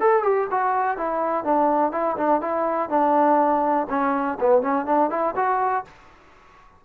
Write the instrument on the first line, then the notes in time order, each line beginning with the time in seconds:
trombone
0.00 A4
0.23 G4
0.51 F#4
0.97 E4
1.44 D4
1.92 E4
2.17 D4
2.41 E4
2.89 D4
3.89 C#4
4.40 B3
4.61 C#4
4.86 D4
5.10 E4
5.36 F#4